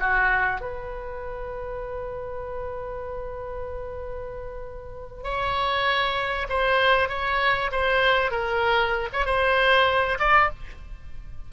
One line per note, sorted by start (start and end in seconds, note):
0.00 0.61 F#4
0.61 5.24 B4
5.24 6.48 C#5
6.49 7.09 C5
7.09 7.71 C#5
7.72 8.31 C5
8.31 9.09 A#4
9.13 9.26 C#5
9.26 10.19 C5
10.19 10.50 D5